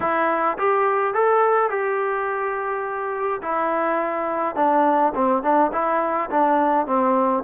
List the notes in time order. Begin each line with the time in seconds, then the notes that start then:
0.00 E4
0.58 G4
1.14 A4
1.70 G4
3.42 E4
4.55 D4
5.14 C4
5.42 D4
5.72 E4
6.30 D4
6.86 C4